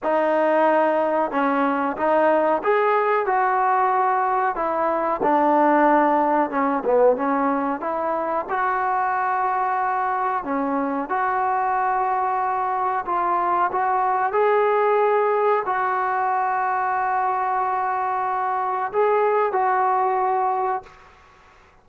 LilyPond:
\new Staff \with { instrumentName = "trombone" } { \time 4/4 \tempo 4 = 92 dis'2 cis'4 dis'4 | gis'4 fis'2 e'4 | d'2 cis'8 b8 cis'4 | e'4 fis'2. |
cis'4 fis'2. | f'4 fis'4 gis'2 | fis'1~ | fis'4 gis'4 fis'2 | }